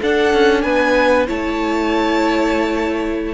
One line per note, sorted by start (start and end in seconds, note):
0.00 1.28 D4
0.00 0.33 D4
0.00 0.64 A4
0.00 0.62 F#5
0.33 0.64 C#4
0.62 1.28 B3
0.62 1.27 B4
0.62 1.26 G#5
1.27 3.34 A3
1.27 3.34 E4
1.27 3.34 C#5
1.27 3.34 A5